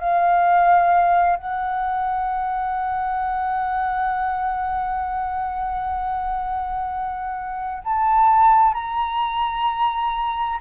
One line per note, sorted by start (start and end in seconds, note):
0.00 1.37 F5
1.37 7.83 F#5
7.84 8.74 A5
8.74 10.59 A#5